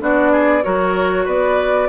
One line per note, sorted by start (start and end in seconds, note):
0.00 0.64 B3
0.00 0.63 D4
0.00 0.32 F#4
0.00 0.64 D5
0.32 0.64 G#4
0.63 1.27 F#3
0.63 1.89 F#4
0.63 1.25 A#4
0.63 1.27 C#5
1.25 1.89 B3
1.25 1.88 B4
1.25 1.89 D5